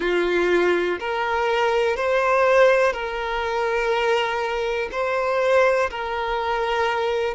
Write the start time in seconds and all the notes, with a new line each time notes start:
0.00 F4
0.99 A#4
1.96 C5
2.92 A#4
4.91 C5
5.90 A#4